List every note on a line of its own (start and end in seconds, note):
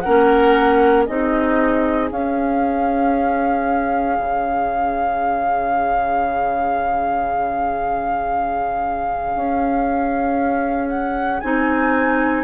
0.00 1.07 C#4
0.00 1.05 A#4
0.00 1.03 F#5
0.07 1.08 A#3
1.05 2.11 C4
1.05 2.10 D#4
1.05 12.43 G#4
1.05 2.09 D#5
2.10 11.41 C#4
2.10 4.18 C#4
2.10 10.88 F5
4.19 9.35 C#3
9.35 11.42 C#4
10.88 11.40 F#5
11.40 12.43 C4
11.40 12.43 D#4
11.40 12.43 G#5